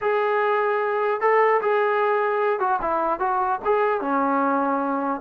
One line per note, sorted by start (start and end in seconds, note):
0.01 1.20 G#4
1.20 1.60 A4
1.61 2.59 G#4
2.59 2.79 F#4
2.81 3.19 E4
3.19 3.59 F#4
3.64 4.00 G#4
4.00 5.20 C#4